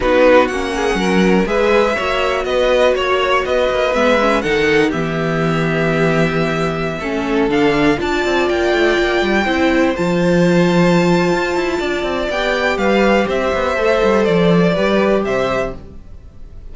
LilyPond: <<
  \new Staff \with { instrumentName = "violin" } { \time 4/4 \tempo 4 = 122 b'4 fis''2 e''4~ | e''4 dis''4 cis''4 dis''4 | e''4 fis''4 e''2~ | e''2.~ e''16 f''8.~ |
f''16 a''4 g''2~ g''8.~ | g''16 a''2.~ a''8.~ | a''4 g''4 f''4 e''4~ | e''4 d''2 e''4 | }
  \new Staff \with { instrumentName = "violin" } { \time 4/4 fis'4. gis'8 ais'4 b'4 | cis''4 b'4 cis''4 b'4~ | b'4 a'4 g'2~ | g'2~ g'16 a'4.~ a'16~ |
a'16 d''2. c''8.~ | c''1 | d''2 b'4 c''4~ | c''2 b'4 c''4 | }
  \new Staff \with { instrumentName = "viola" } { \time 4/4 dis'4 cis'2 gis'4 | fis'1 | b8 cis'8 dis'4 b2~ | b2~ b16 cis'4 d'8.~ |
d'16 f'2. e'8.~ | e'16 f'2.~ f'8.~ | f'4 g'2. | a'2 g'2 | }
  \new Staff \with { instrumentName = "cello" } { \time 4/4 b4 ais4 fis4 gis4 | ais4 b4 ais4 b8 ais8 | gis4 dis4 e2~ | e2~ e16 a4 d8.~ |
d16 d'8 c'8 ais8 a8 ais8 g8 c'8.~ | c'16 f2~ f8. f'8 e'8 | d'8 c'8 b4 g4 c'8 b8 | a8 g8 f4 g4 c4 | }
>>